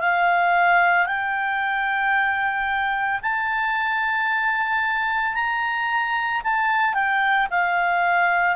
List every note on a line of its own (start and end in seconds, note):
0.00 1.06 F5
1.06 3.20 G5
3.22 5.35 A5
5.35 6.42 A#5
6.44 6.94 A5
6.94 7.48 G5
7.50 8.56 F5